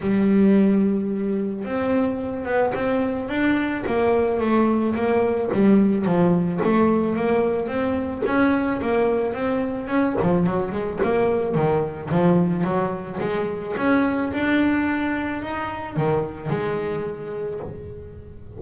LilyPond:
\new Staff \with { instrumentName = "double bass" } { \time 4/4 \tempo 4 = 109 g2. c'4~ | c'8 b8 c'4 d'4 ais4 | a4 ais4 g4 f4 | a4 ais4 c'4 cis'4 |
ais4 c'4 cis'8 f8 fis8 gis8 | ais4 dis4 f4 fis4 | gis4 cis'4 d'2 | dis'4 dis4 gis2 | }